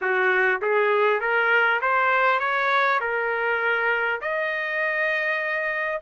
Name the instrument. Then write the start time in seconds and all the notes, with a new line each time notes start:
trumpet
0.01 F#4
0.61 G#4
1.20 A#4
1.81 C5
2.39 C#5
3.00 A#4
4.21 D#5